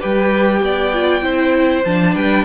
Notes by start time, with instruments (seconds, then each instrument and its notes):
0.00 cello G3, viola G4, violin B4 G5
0.61 cello B3, violin D5
0.94 viola F4
1.22 cello C4, viola E4, violin C5
1.85 cello F3, viola D4, violin A5
2.15 cello G3, violin B4 G5